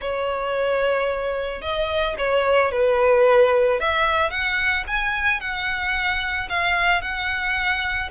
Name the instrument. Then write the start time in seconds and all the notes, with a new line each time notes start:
violin
0.01 C#5
1.61 D#5
2.18 C#5
2.71 B4
3.80 E5
4.30 F#5
4.87 G#5
5.40 F#5
6.49 F5
7.01 F#5